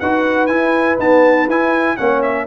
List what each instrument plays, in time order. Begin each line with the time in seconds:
0.00 tuba D#4, trombone F#4, horn B4, trumpet F#5
0.47 tuba E4, trombone E4, trumpet G#5
0.99 trombone B3, tuba D#4, trumpet A5
1.48 tuba E4, trombone E4, trumpet G#5
1.97 tuba A#3, trombone C#4, horn C#5, trumpet F#5
2.23 trumpet E5